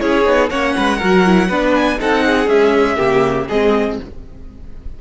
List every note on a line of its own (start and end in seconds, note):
0.00 0.26 C#4
0.00 0.24 E4
0.00 0.50 G#4
0.00 0.50 C#5
0.24 0.51 B3
0.24 0.49 D#4
0.50 0.76 A#3
0.50 1.00 C#4
0.50 0.75 C#5
0.50 1.74 F#5
0.77 1.02 G#3
0.77 0.98 B4
0.98 1.49 F#3
0.98 1.25 F#4
0.98 1.48 A#4
1.25 1.50 E4
1.48 1.99 B3
1.48 1.99 D4
1.48 1.98 B4
1.75 1.99 G#5
1.99 2.47 C4
1.99 2.48 D#4
1.99 2.24 A4
1.99 2.49 F#5
2.26 2.96 G#4
2.47 2.97 G#3
2.47 2.97 C#4
2.47 3.48 E5
2.96 3.49 C#3
2.96 3.47 A#3
2.96 3.46 G4
3.48 3.99 G#3
3.48 4.01 C4
3.48 3.98 G#4
3.48 3.99 D#5